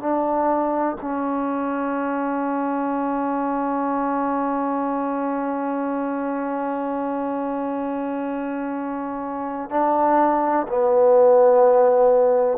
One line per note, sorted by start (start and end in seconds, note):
0.00 0.97 D4
1.01 9.70 C#4
9.70 10.67 D4
10.68 12.58 B3